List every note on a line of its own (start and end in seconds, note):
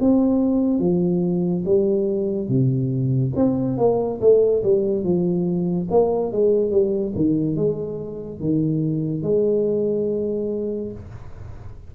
0.00 0.80 C4
0.80 1.64 F3
1.65 2.49 G3
2.49 3.33 C3
3.36 3.78 C4
3.78 4.20 A#3
4.21 4.63 A3
4.63 5.04 G3
5.04 5.88 F3
5.91 6.32 A#3
6.32 6.71 G#3
6.71 7.13 G3
7.15 7.56 D#3
7.56 8.40 G#3
8.40 9.23 D#3
9.23 10.92 G#3